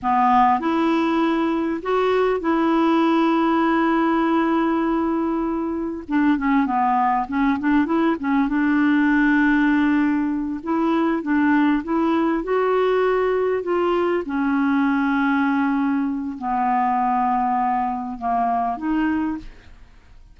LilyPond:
\new Staff \with { instrumentName = "clarinet" } { \time 4/4 \tempo 4 = 99 b4 e'2 fis'4 | e'1~ | e'2 d'8 cis'8 b4 | cis'8 d'8 e'8 cis'8 d'2~ |
d'4. e'4 d'4 e'8~ | e'8 fis'2 f'4 cis'8~ | cis'2. b4~ | b2 ais4 dis'4 | }